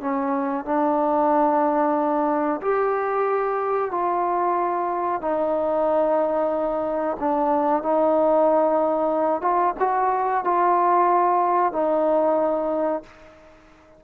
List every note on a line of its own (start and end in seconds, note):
0.00 0.65 C#4
0.65 2.61 D4
2.61 3.91 G4
3.91 5.21 F4
5.21 7.17 D#4
7.20 7.82 D4
7.82 9.41 D#4
9.41 9.74 F4
9.79 10.44 F#4
10.44 11.72 F4
11.72 13.03 D#4